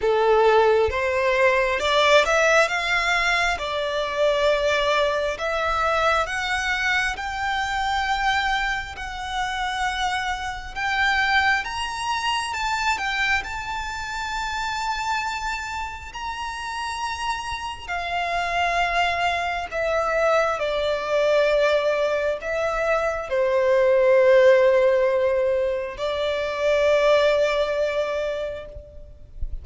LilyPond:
\new Staff \with { instrumentName = "violin" } { \time 4/4 \tempo 4 = 67 a'4 c''4 d''8 e''8 f''4 | d''2 e''4 fis''4 | g''2 fis''2 | g''4 ais''4 a''8 g''8 a''4~ |
a''2 ais''2 | f''2 e''4 d''4~ | d''4 e''4 c''2~ | c''4 d''2. | }